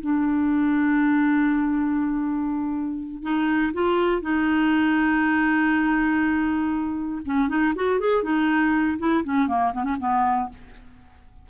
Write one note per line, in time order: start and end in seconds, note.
0.00 3.22 D4
3.22 3.72 D#4
3.73 4.22 F4
4.22 7.22 D#4
7.25 7.48 C#4
7.48 7.73 D#4
7.75 7.99 F#4
7.99 8.23 G#4
8.23 8.98 D#4
8.98 9.23 E4
9.24 9.47 C#4
9.47 9.72 A#3
9.73 9.83 B3
9.83 9.96 C#4
9.99 10.49 B3